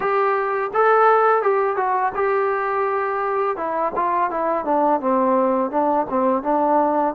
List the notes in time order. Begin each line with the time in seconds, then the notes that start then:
0.00 G4
0.73 A4
1.42 G4
1.76 F#4
2.14 G4
3.56 E4
3.95 F4
4.30 E4
4.65 D4
5.00 C4
5.70 D4
6.09 C4
6.43 D4